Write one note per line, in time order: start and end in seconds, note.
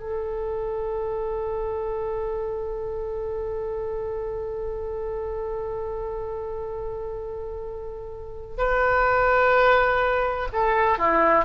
0.00 8.57 A4
8.58 10.48 B4
10.52 10.98 A4
10.98 11.45 E4